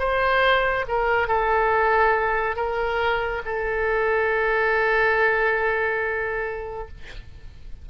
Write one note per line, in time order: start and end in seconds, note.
0.00 0.86 C5
0.88 1.28 A#4
1.28 2.57 A4
2.57 3.42 A#4
3.46 6.88 A4